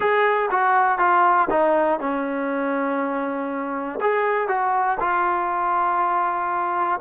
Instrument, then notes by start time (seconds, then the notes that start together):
trombone
0.00 G#4
0.50 F#4
0.98 F4
1.50 D#4
1.99 C#4
4.00 G#4
4.47 F#4
5.00 F4